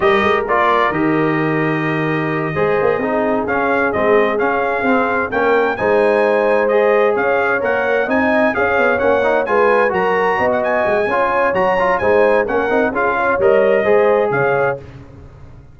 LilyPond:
<<
  \new Staff \with { instrumentName = "trumpet" } { \time 4/4 \tempo 4 = 130 dis''4 d''4 dis''2~ | dis''2.~ dis''8 f''8~ | f''8 dis''4 f''2 g''8~ | g''8 gis''2 dis''4 f''8~ |
f''8 fis''4 gis''4 f''4 fis''8~ | fis''8 gis''4 ais''4~ ais''16 fis''16 gis''4~ | gis''4 ais''4 gis''4 fis''4 | f''4 dis''2 f''4 | }
  \new Staff \with { instrumentName = "horn" } { \time 4/4 ais'1~ | ais'4. c''4 gis'4.~ | gis'2.~ gis'8 ais'8~ | ais'8 c''2. cis''8~ |
cis''4. dis''4 cis''4.~ | cis''8 b'4 ais'4 dis''4. | cis''2 c''4 ais'4 | gis'8 cis''4. c''4 cis''4 | }
  \new Staff \with { instrumentName = "trombone" } { \time 4/4 g'4 f'4 g'2~ | g'4. gis'4 dis'4 cis'8~ | cis'8 c'4 cis'4 c'4 cis'8~ | cis'8 dis'2 gis'4.~ |
gis'8 ais'4 dis'4 gis'4 cis'8 | dis'8 f'4 fis'2~ fis'8 | f'4 fis'8 f'8 dis'4 cis'8 dis'8 | f'4 ais'4 gis'2 | }
  \new Staff \with { instrumentName = "tuba" } { \time 4/4 g8 gis8 ais4 dis2~ | dis4. gis8 ais8 c'4 cis'8~ | cis'8 gis4 cis'4 c'4 ais8~ | ais8 gis2. cis'8~ |
cis'8 ais4 c'4 cis'8 b8 ais8~ | ais8 gis4 fis4 b4 gis8 | cis'4 fis4 gis4 ais8 c'8 | cis'4 g4 gis4 cis4 | }
>>